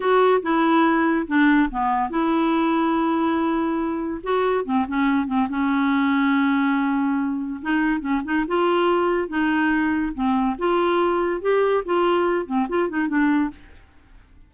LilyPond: \new Staff \with { instrumentName = "clarinet" } { \time 4/4 \tempo 4 = 142 fis'4 e'2 d'4 | b4 e'2.~ | e'2 fis'4 c'8 cis'8~ | cis'8 c'8 cis'2.~ |
cis'2 dis'4 cis'8 dis'8 | f'2 dis'2 | c'4 f'2 g'4 | f'4. c'8 f'8 dis'8 d'4 | }